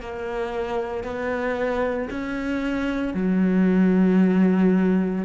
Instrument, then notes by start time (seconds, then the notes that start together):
cello
0.00 A#3
1.03 B3
2.10 C#4
3.14 F#3